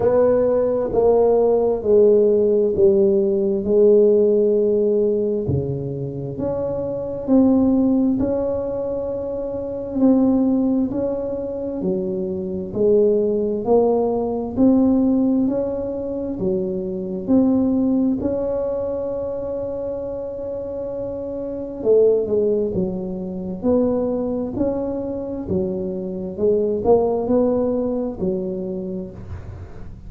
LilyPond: \new Staff \with { instrumentName = "tuba" } { \time 4/4 \tempo 4 = 66 b4 ais4 gis4 g4 | gis2 cis4 cis'4 | c'4 cis'2 c'4 | cis'4 fis4 gis4 ais4 |
c'4 cis'4 fis4 c'4 | cis'1 | a8 gis8 fis4 b4 cis'4 | fis4 gis8 ais8 b4 fis4 | }